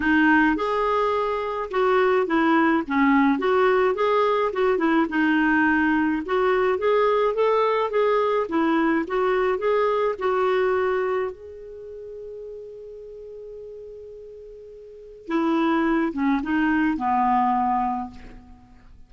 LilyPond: \new Staff \with { instrumentName = "clarinet" } { \time 4/4 \tempo 4 = 106 dis'4 gis'2 fis'4 | e'4 cis'4 fis'4 gis'4 | fis'8 e'8 dis'2 fis'4 | gis'4 a'4 gis'4 e'4 |
fis'4 gis'4 fis'2 | gis'1~ | gis'2. e'4~ | e'8 cis'8 dis'4 b2 | }